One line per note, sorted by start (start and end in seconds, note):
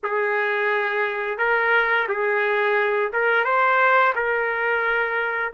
0.03 1.38 G#4
1.38 2.07 A#4
2.08 3.12 G#4
3.12 3.44 A#4
3.44 4.13 C5
4.15 5.53 A#4